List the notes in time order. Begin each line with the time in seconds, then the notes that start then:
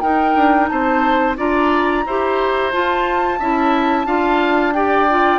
0.00 D#4 A#4 G5
0.35 D4
0.68 C4 C5 A5
1.37 D4 F4 D5 A#5
2.06 E4 G4 C5
2.72 F4 A5
3.39 C#4 E4 E5
4.06 D4 F4 F5
4.74 G4 D5 G5
5.10 F4